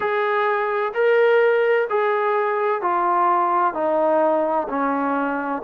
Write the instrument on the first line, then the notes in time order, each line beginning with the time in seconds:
trombone
0.00 G#4
0.94 A#4
1.89 G#4
2.81 F4
3.74 D#4
4.68 C#4